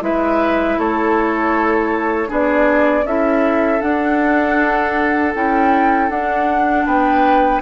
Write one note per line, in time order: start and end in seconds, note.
0.00 0.77 G#3
0.00 2.27 E4
0.00 0.78 B4
0.00 0.79 E5
0.78 2.30 A3
0.78 2.29 A4
0.78 2.31 C#5
2.27 3.04 B3
2.27 3.03 D4
2.27 3.05 G#4
2.27 3.07 D5
3.04 3.80 C#4
3.04 3.80 E4
3.04 6.86 A4
3.04 3.81 E5
3.80 5.32 D4
3.80 5.35 D4
3.80 5.33 F#5
5.34 6.09 C#4
5.34 6.10 E4
5.34 6.10 G5
6.09 6.85 D4
6.09 7.61 D4
6.09 6.86 F#5
6.86 7.61 B3
6.86 7.61 B4
6.86 7.61 G5